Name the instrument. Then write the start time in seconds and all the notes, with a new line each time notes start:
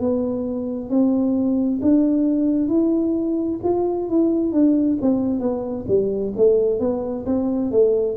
tuba
0.00 B3
0.90 C4
1.82 D4
2.69 E4
3.64 F4
4.10 E4
4.53 D4
5.02 C4
5.40 B3
5.88 G3
6.37 A3
6.81 B3
7.26 C4
7.72 A3